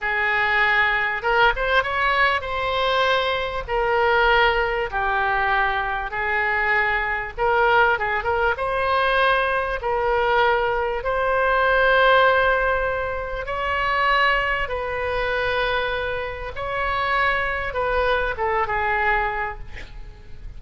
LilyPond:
\new Staff \with { instrumentName = "oboe" } { \time 4/4 \tempo 4 = 98 gis'2 ais'8 c''8 cis''4 | c''2 ais'2 | g'2 gis'2 | ais'4 gis'8 ais'8 c''2 |
ais'2 c''2~ | c''2 cis''2 | b'2. cis''4~ | cis''4 b'4 a'8 gis'4. | }